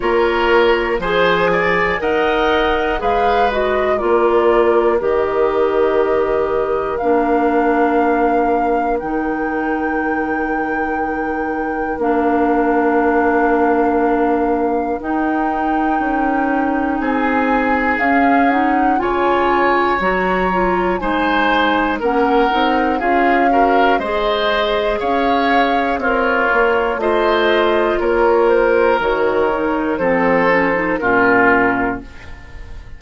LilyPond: <<
  \new Staff \with { instrumentName = "flute" } { \time 4/4 \tempo 4 = 60 cis''4 gis''4 fis''4 f''8 dis''8 | d''4 dis''2 f''4~ | f''4 g''2. | f''2. g''4~ |
g''4 gis''4 f''8 fis''8 gis''4 | ais''4 gis''4 fis''4 f''4 | dis''4 f''4 cis''4 dis''4 | cis''8 c''8 cis''4 c''4 ais'4 | }
  \new Staff \with { instrumentName = "oboe" } { \time 4/4 ais'4 c''8 d''8 dis''4 b'4 | ais'1~ | ais'1~ | ais'1~ |
ais'4 gis'2 cis''4~ | cis''4 c''4 ais'4 gis'8 ais'8 | c''4 cis''4 f'4 c''4 | ais'2 a'4 f'4 | }
  \new Staff \with { instrumentName = "clarinet" } { \time 4/4 f'4 gis'4 ais'4 gis'8 fis'8 | f'4 g'2 d'4~ | d'4 dis'2. | d'2. dis'4~ |
dis'2 cis'8 dis'8 f'4 | fis'8 f'8 dis'4 cis'8 dis'8 f'8 fis'8 | gis'2 ais'4 f'4~ | f'4 fis'8 dis'8 c'8 cis'16 dis'16 cis'4 | }
  \new Staff \with { instrumentName = "bassoon" } { \time 4/4 ais4 f4 dis'4 gis4 | ais4 dis2 ais4~ | ais4 dis2. | ais2. dis'4 |
cis'4 c'4 cis'4 cis4 | fis4 gis4 ais8 c'8 cis'4 | gis4 cis'4 c'8 ais8 a4 | ais4 dis4 f4 ais,4 | }
>>